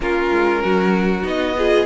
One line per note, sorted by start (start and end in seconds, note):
0.00 0.30 A#3
0.00 1.23 C#4
0.00 0.62 F4
0.00 1.26 A#4
0.32 0.63 G#3
0.62 1.24 F#3
0.62 1.56 F#4
1.23 1.86 B3
1.23 1.54 D#4
1.23 1.86 D#5
1.57 1.86 F4
1.57 1.86 G#4